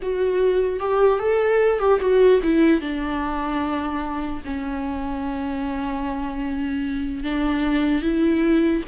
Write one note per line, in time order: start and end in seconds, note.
0.02 0.79 F#4
0.79 1.19 G4
1.19 1.79 A4
1.79 1.99 G4
2.00 2.40 F#4
2.43 2.80 E4
2.80 4.41 D4
4.44 7.23 C#4
7.23 8.02 D4
8.02 8.82 E4